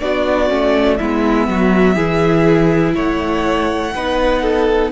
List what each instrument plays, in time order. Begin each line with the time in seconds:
0.00 cello B3, viola D4, violin F#4 D5
0.49 cello A3, viola C#4
0.97 cello G#3, viola B3, violin E4 E5
1.48 cello F#3, violin F#4
1.95 cello E3, viola E4, violin G#4
2.95 cello A3, violin C#5 F#5
3.94 cello B3, viola D#4, violin B4
4.42 violin A4